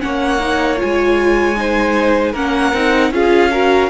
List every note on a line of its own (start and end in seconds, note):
0.00 0.81 A#3
0.00 0.39 C#4
0.00 1.58 C#5
0.00 0.78 F#5
0.40 0.77 D#4
0.77 1.55 F4
0.77 2.35 G#5
0.84 2.34 G#3
1.56 2.34 D#4
1.56 2.32 C5
2.32 2.73 A#3
2.32 2.74 C#4
2.32 3.10 A#4
2.32 3.12 F#5
2.73 3.10 C4
2.73 3.12 D#4
3.10 3.88 C#4
3.10 3.51 F4
3.10 3.51 G#4
3.10 3.90 F5
3.51 3.90 F#4
3.51 3.90 A#4